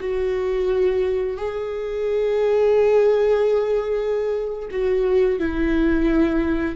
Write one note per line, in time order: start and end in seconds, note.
0.00 1.37 F#4
1.37 4.68 G#4
4.71 5.39 F#4
5.39 6.76 E4